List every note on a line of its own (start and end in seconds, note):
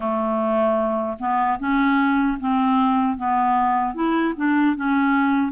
0.00 1.17 A3
1.19 1.58 B3
1.59 2.38 C#4
2.39 3.17 C4
3.17 3.94 B3
3.94 4.33 E4
4.36 4.75 D4
4.75 5.52 C#4